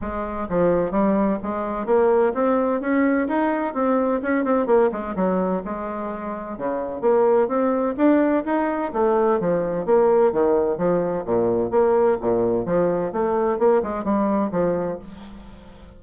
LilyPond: \new Staff \with { instrumentName = "bassoon" } { \time 4/4 \tempo 4 = 128 gis4 f4 g4 gis4 | ais4 c'4 cis'4 dis'4 | c'4 cis'8 c'8 ais8 gis8 fis4 | gis2 cis4 ais4 |
c'4 d'4 dis'4 a4 | f4 ais4 dis4 f4 | ais,4 ais4 ais,4 f4 | a4 ais8 gis8 g4 f4 | }